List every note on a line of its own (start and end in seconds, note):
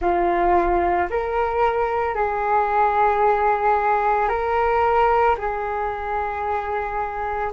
0.01 1.08 F4
1.10 2.14 A#4
2.14 4.29 G#4
4.29 5.36 A#4
5.38 7.52 G#4